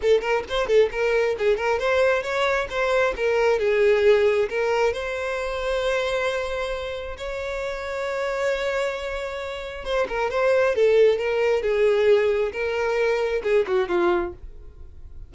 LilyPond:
\new Staff \with { instrumentName = "violin" } { \time 4/4 \tempo 4 = 134 a'8 ais'8 c''8 a'8 ais'4 gis'8 ais'8 | c''4 cis''4 c''4 ais'4 | gis'2 ais'4 c''4~ | c''1 |
cis''1~ | cis''2 c''8 ais'8 c''4 | a'4 ais'4 gis'2 | ais'2 gis'8 fis'8 f'4 | }